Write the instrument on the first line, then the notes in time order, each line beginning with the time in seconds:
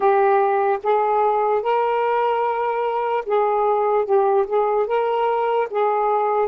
saxophone
0.00 G4
0.83 G#4
1.62 A#4
3.25 G#4
4.05 G4
4.46 G#4
4.86 A#4
5.70 G#4